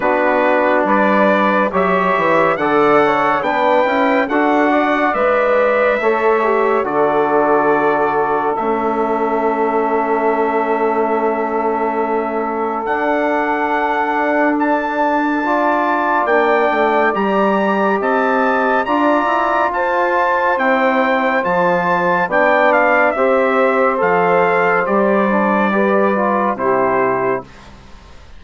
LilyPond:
<<
  \new Staff \with { instrumentName = "trumpet" } { \time 4/4 \tempo 4 = 70 b'4 d''4 e''4 fis''4 | g''4 fis''4 e''2 | d''2 e''2~ | e''2. fis''4~ |
fis''4 a''2 g''4 | ais''4 a''4 ais''4 a''4 | g''4 a''4 g''8 f''8 e''4 | f''4 d''2 c''4 | }
  \new Staff \with { instrumentName = "saxophone" } { \time 4/4 fis'4 b'4 cis''4 d''8 cis''8 | b'4 a'8 d''4. cis''4 | a'1~ | a'1~ |
a'2 d''2~ | d''4 dis''4 d''4 c''4~ | c''2 d''4 c''4~ | c''2 b'4 g'4 | }
  \new Staff \with { instrumentName = "trombone" } { \time 4/4 d'2 g'4 a'4 | d'8 e'8 fis'4 b'4 a'8 g'8 | fis'2 cis'2~ | cis'2. d'4~ |
d'2 f'4 d'4 | g'2 f'2 | e'4 f'4 d'4 g'4 | a'4 g'8 d'8 g'8 f'8 e'4 | }
  \new Staff \with { instrumentName = "bassoon" } { \time 4/4 b4 g4 fis8 e8 d4 | b8 cis'8 d'4 gis4 a4 | d2 a2~ | a2. d'4~ |
d'2. ais8 a8 | g4 c'4 d'8 e'8 f'4 | c'4 f4 b4 c'4 | f4 g2 c4 | }
>>